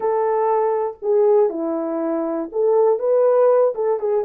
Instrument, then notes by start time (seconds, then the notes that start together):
horn
0.00 A4
1.02 G#4
1.49 E4
2.52 A4
2.99 B4
3.74 A4
3.99 G#4